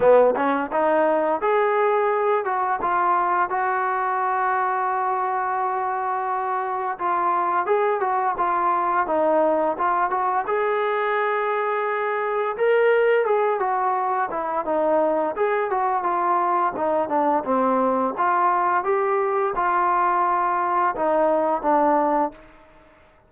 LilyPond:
\new Staff \with { instrumentName = "trombone" } { \time 4/4 \tempo 4 = 86 b8 cis'8 dis'4 gis'4. fis'8 | f'4 fis'2.~ | fis'2 f'4 gis'8 fis'8 | f'4 dis'4 f'8 fis'8 gis'4~ |
gis'2 ais'4 gis'8 fis'8~ | fis'8 e'8 dis'4 gis'8 fis'8 f'4 | dis'8 d'8 c'4 f'4 g'4 | f'2 dis'4 d'4 | }